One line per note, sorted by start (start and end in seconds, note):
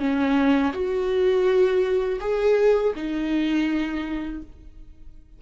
0.00 0.73 C#4
0.74 2.20 F#4
2.21 2.94 G#4
2.96 4.42 D#4